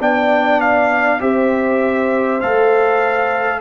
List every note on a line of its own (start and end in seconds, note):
0.00 1.20 B3
0.00 1.20 D4
0.00 1.21 D5
0.00 0.60 G5
0.60 1.21 F5
1.20 2.41 C4
1.20 2.40 G4
1.20 3.61 C5
1.20 2.40 E5
2.40 3.61 A3
2.40 3.61 A4
2.40 3.60 F5